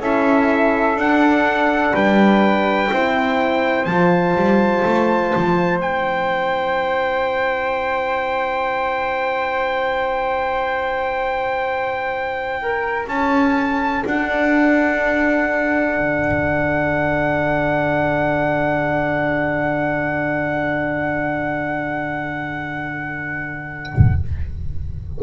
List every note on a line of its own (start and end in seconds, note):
0.00 0.96 C#4
0.00 0.98 E4
0.00 1.94 A4
0.00 1.00 E5
0.96 1.93 D4
0.96 2.91 D4
0.96 1.96 F#5
1.94 2.91 G3
1.94 2.91 B4
1.94 3.85 G5
2.91 3.86 C4
2.91 3.88 E4
2.91 12.61 C5
3.85 4.35 F3
3.85 5.83 F4
3.85 5.79 A5
4.36 4.84 G3
4.86 5.34 A3
5.36 5.80 F3
5.80 13.06 C4
5.80 14.05 E4
5.80 13.07 G5
12.63 13.08 A#4
13.08 14.04 C#4
13.08 24.21 A4
13.08 14.05 A5
14.06 15.97 D4
14.06 24.23 D4
14.06 24.23 F#5
15.97 24.20 D3